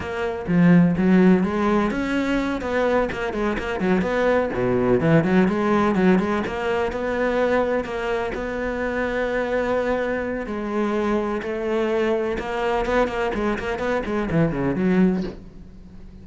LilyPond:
\new Staff \with { instrumentName = "cello" } { \time 4/4 \tempo 4 = 126 ais4 f4 fis4 gis4 | cis'4. b4 ais8 gis8 ais8 | fis8 b4 b,4 e8 fis8 gis8~ | gis8 fis8 gis8 ais4 b4.~ |
b8 ais4 b2~ b8~ | b2 gis2 | a2 ais4 b8 ais8 | gis8 ais8 b8 gis8 e8 cis8 fis4 | }